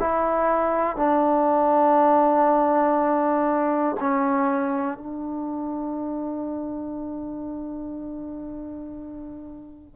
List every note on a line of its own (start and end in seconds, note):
0.00 0.96 E4
0.96 3.96 D4
4.00 4.98 C#4
4.98 9.96 D4